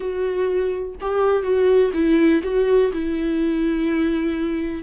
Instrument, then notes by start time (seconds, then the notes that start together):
viola
0.00 F#4
1.00 G4
1.42 F#4
1.93 E4
2.43 F#4
2.92 E4